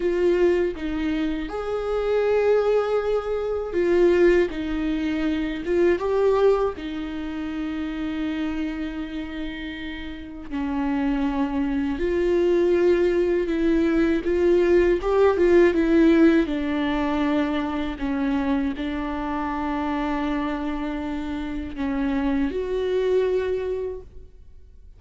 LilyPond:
\new Staff \with { instrumentName = "viola" } { \time 4/4 \tempo 4 = 80 f'4 dis'4 gis'2~ | gis'4 f'4 dis'4. f'8 | g'4 dis'2.~ | dis'2 cis'2 |
f'2 e'4 f'4 | g'8 f'8 e'4 d'2 | cis'4 d'2.~ | d'4 cis'4 fis'2 | }